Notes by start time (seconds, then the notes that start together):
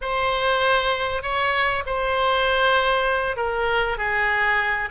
0.01 C5
1.22 C#5
1.85 C5
3.36 A#4
3.97 G#4